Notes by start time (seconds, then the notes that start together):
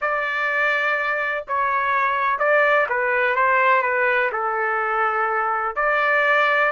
0.01 D5
1.47 C#5
2.38 D5
2.89 B4
3.35 C5
3.82 B4
4.32 A4
5.75 D5